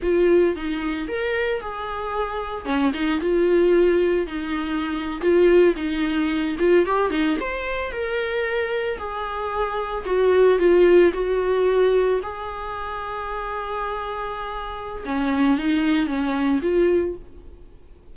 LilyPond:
\new Staff \with { instrumentName = "viola" } { \time 4/4 \tempo 4 = 112 f'4 dis'4 ais'4 gis'4~ | gis'4 cis'8 dis'8 f'2 | dis'4.~ dis'16 f'4 dis'4~ dis'16~ | dis'16 f'8 g'8 dis'8 c''4 ais'4~ ais'16~ |
ais'8. gis'2 fis'4 f'16~ | f'8. fis'2 gis'4~ gis'16~ | gis'1 | cis'4 dis'4 cis'4 f'4 | }